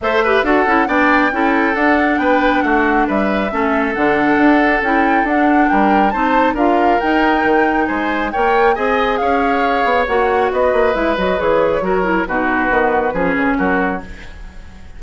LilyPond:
<<
  \new Staff \with { instrumentName = "flute" } { \time 4/4 \tempo 4 = 137 e''4 fis''4 g''2 | fis''4 g''4 fis''4 e''4~ | e''4 fis''2 g''4 | fis''4 g''4 a''4 f''4 |
g''2 gis''4 g''4 | gis''4 f''2 fis''4 | dis''4 e''8 dis''8 cis''2 | b'2. ais'4 | }
  \new Staff \with { instrumentName = "oboe" } { \time 4/4 c''8 b'8 a'4 d''4 a'4~ | a'4 b'4 fis'4 b'4 | a'1~ | a'4 ais'4 c''4 ais'4~ |
ais'2 c''4 cis''4 | dis''4 cis''2. | b'2. ais'4 | fis'2 gis'4 fis'4 | }
  \new Staff \with { instrumentName = "clarinet" } { \time 4/4 a'8 g'8 fis'8 e'8 d'4 e'4 | d'1 | cis'4 d'2 e'4 | d'2 dis'4 f'4 |
dis'2. ais'4 | gis'2. fis'4~ | fis'4 e'8 fis'8 gis'4 fis'8 e'8 | dis'4 b4 cis'2 | }
  \new Staff \with { instrumentName = "bassoon" } { \time 4/4 a4 d'8 cis'8 b4 cis'4 | d'4 b4 a4 g4 | a4 d4 d'4 cis'4 | d'4 g4 c'4 d'4 |
dis'4 dis4 gis4 ais4 | c'4 cis'4. b8 ais4 | b8 ais8 gis8 fis8 e4 fis4 | b,4 dis4 f8 cis8 fis4 | }
>>